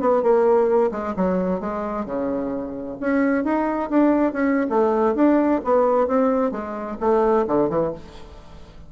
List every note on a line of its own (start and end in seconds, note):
0.00 0.22 B3
0.22 0.91 A#3
0.91 1.14 G#3
1.16 1.60 F#3
1.60 2.05 G#3
2.05 2.97 C#3
3.00 3.44 C#4
3.44 3.90 D#4
3.90 4.33 D4
4.33 4.67 C#4
4.69 5.15 A3
5.15 5.61 D4
5.64 6.07 B3
6.07 6.51 C4
6.51 6.97 G#3
7.00 7.46 A3
7.47 7.69 D3
7.69 7.92 E3